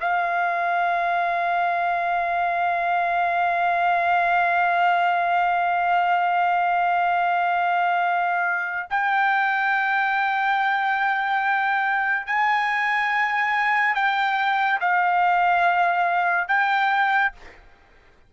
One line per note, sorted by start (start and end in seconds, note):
0.00 8.87 F5
8.90 12.26 G5
12.26 13.94 G#5
13.94 14.79 G5
14.80 16.48 F5
16.48 17.32 G5